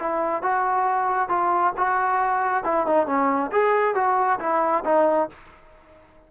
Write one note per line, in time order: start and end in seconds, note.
0.00 0.43 E4
0.43 1.29 F#4
1.29 1.73 F4
1.78 2.65 F#4
2.65 2.87 E4
2.87 3.07 D#4
3.07 3.51 C#4
3.52 3.95 G#4
3.95 4.39 F#4
4.40 4.84 E4
4.85 5.30 D#4